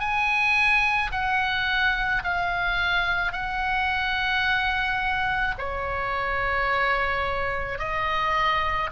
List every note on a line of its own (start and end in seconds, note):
0.00 1.11 G#5
1.12 2.23 F#5
2.24 3.32 F5
3.32 5.55 F#5
5.58 7.79 C#5
7.79 8.90 D#5